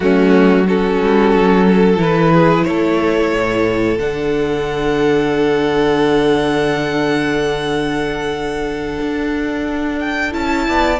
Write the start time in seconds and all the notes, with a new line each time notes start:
0.00 F#3 A3 C#4 F#4
0.66 C#4 F#4 A4
1.01 G3
1.34 F#3
1.66 A4
1.96 E3 E4 B4
2.33 G#4
2.65 A3 A4 C#5
3.33 A2
3.98 D3 D4 F#5
9.01 D4
9.99 G5
10.31 C#4 E4 A5
10.67 B3 D5